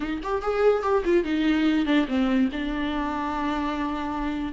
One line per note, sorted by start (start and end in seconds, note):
0.00 0.21 D#4
0.22 0.41 G4
0.41 0.83 G#4
0.83 1.03 G4
1.05 1.24 F4
1.24 1.85 D#4
1.85 2.06 D4
2.07 2.49 C4
2.51 4.52 D4